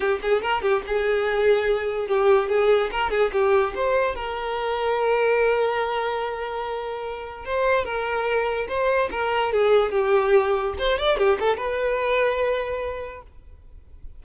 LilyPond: \new Staff \with { instrumentName = "violin" } { \time 4/4 \tempo 4 = 145 g'8 gis'8 ais'8 g'8 gis'2~ | gis'4 g'4 gis'4 ais'8 gis'8 | g'4 c''4 ais'2~ | ais'1~ |
ais'2 c''4 ais'4~ | ais'4 c''4 ais'4 gis'4 | g'2 c''8 d''8 g'8 a'8 | b'1 | }